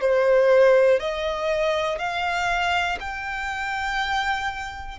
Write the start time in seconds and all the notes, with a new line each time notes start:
0.00 C5
0.99 D#5
1.98 F5
3.00 G5